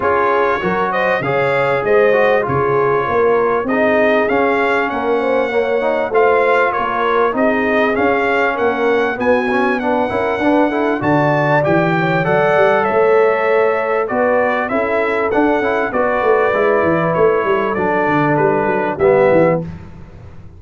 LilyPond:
<<
  \new Staff \with { instrumentName = "trumpet" } { \time 4/4 \tempo 4 = 98 cis''4. dis''8 f''4 dis''4 | cis''2 dis''4 f''4 | fis''2 f''4 cis''4 | dis''4 f''4 fis''4 gis''4 |
fis''2 a''4 g''4 | fis''4 e''2 d''4 | e''4 fis''4 d''2 | cis''4 d''4 b'4 e''4 | }
  \new Staff \with { instrumentName = "horn" } { \time 4/4 gis'4 ais'8 c''8 cis''4 c''4 | gis'4 ais'4 gis'2 | ais'8 c''8 cis''4 c''4 ais'4 | gis'2 ais'4 fis'4 |
b'8 ais'8 b'8 a'8 d''4. cis''8 | d''4 cis''2 b'4 | a'2 b'2~ | b'8 a'2~ a'8 g'4 | }
  \new Staff \with { instrumentName = "trombone" } { \time 4/4 f'4 fis'4 gis'4. fis'8 | f'2 dis'4 cis'4~ | cis'4 ais8 dis'8 f'2 | dis'4 cis'2 b8 cis'8 |
d'8 e'8 d'8 e'8 fis'4 g'4 | a'2. fis'4 | e'4 d'8 e'8 fis'4 e'4~ | e'4 d'2 b4 | }
  \new Staff \with { instrumentName = "tuba" } { \time 4/4 cis'4 fis4 cis4 gis4 | cis4 ais4 c'4 cis'4 | ais2 a4 ais4 | c'4 cis'4 ais4 b4~ |
b8 cis'8 d'4 d4 e4 | fis8 g8 a2 b4 | cis'4 d'8 cis'8 b8 a8 gis8 e8 | a8 g8 fis8 d8 g8 fis8 g8 e8 | }
>>